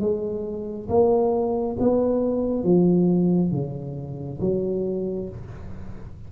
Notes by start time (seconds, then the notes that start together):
0.00 G#3
0.89 A#3
1.80 B3
2.64 F3
3.51 C#3
4.41 F#3